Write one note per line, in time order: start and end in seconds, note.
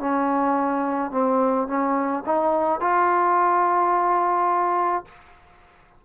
0.00 1.12 C#4
1.12 1.68 C4
1.68 2.24 C#4
2.27 2.81 D#4
2.81 5.05 F4